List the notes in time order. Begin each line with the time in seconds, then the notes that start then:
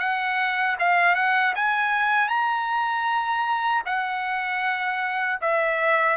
0.00 F#5
0.80 F5
1.15 F#5
1.56 G#5
2.29 A#5
3.86 F#5
5.42 E5